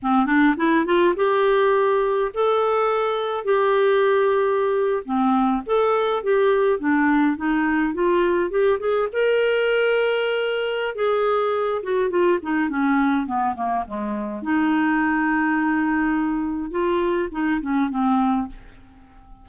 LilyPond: \new Staff \with { instrumentName = "clarinet" } { \time 4/4 \tempo 4 = 104 c'8 d'8 e'8 f'8 g'2 | a'2 g'2~ | g'8. c'4 a'4 g'4 d'16~ | d'8. dis'4 f'4 g'8 gis'8 ais'16~ |
ais'2. gis'4~ | gis'8 fis'8 f'8 dis'8 cis'4 b8 ais8 | gis4 dis'2.~ | dis'4 f'4 dis'8 cis'8 c'4 | }